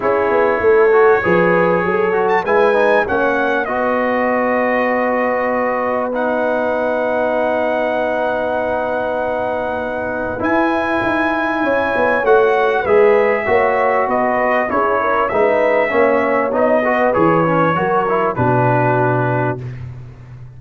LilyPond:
<<
  \new Staff \with { instrumentName = "trumpet" } { \time 4/4 \tempo 4 = 98 cis''2.~ cis''8. a''16 | gis''4 fis''4 dis''2~ | dis''2 fis''2~ | fis''1~ |
fis''4 gis''2. | fis''4 e''2 dis''4 | cis''4 e''2 dis''4 | cis''2 b'2 | }
  \new Staff \with { instrumentName = "horn" } { \time 4/4 gis'4 a'4 b'4 a'4 | b'4 cis''4 b'2~ | b'1~ | b'1~ |
b'2. cis''4~ | cis''4 b'4 cis''4 b'4 | gis'8 ais'8 b'4 cis''4. b'8~ | b'4 ais'4 fis'2 | }
  \new Staff \with { instrumentName = "trombone" } { \time 4/4 e'4. fis'8 gis'4. fis'8 | e'8 dis'8 cis'4 fis'2~ | fis'2 dis'2~ | dis'1~ |
dis'4 e'2. | fis'4 gis'4 fis'2 | e'4 dis'4 cis'4 dis'8 fis'8 | gis'8 cis'8 fis'8 e'8 d'2 | }
  \new Staff \with { instrumentName = "tuba" } { \time 4/4 cis'8 b8 a4 f4 fis4 | gis4 ais4 b2~ | b1~ | b1~ |
b4 e'4 dis'4 cis'8 b8 | a4 gis4 ais4 b4 | cis'4 gis4 ais4 b4 | e4 fis4 b,2 | }
>>